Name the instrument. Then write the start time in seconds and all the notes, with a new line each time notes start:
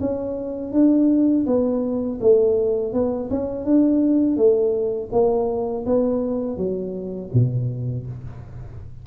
tuba
0.00 C#4
0.72 D4
1.46 B3
2.21 A3
2.92 B3
3.30 C#4
3.64 D4
4.36 A3
5.12 A#3
5.86 B3
6.57 F#3
7.33 B2